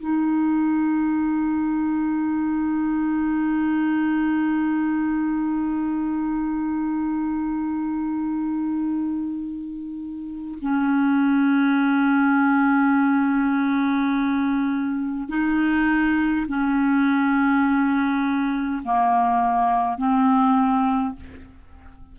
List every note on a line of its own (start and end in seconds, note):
0.00 10.59 D#4
10.61 15.29 C#4
15.29 16.47 D#4
16.48 18.83 C#4
18.84 19.98 A#3
19.98 21.16 C4